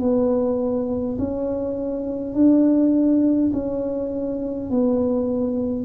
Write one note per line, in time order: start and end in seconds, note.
0.00 1.18 B3
1.19 2.35 C#4
2.35 3.52 D4
3.53 4.71 C#4
4.71 5.86 B3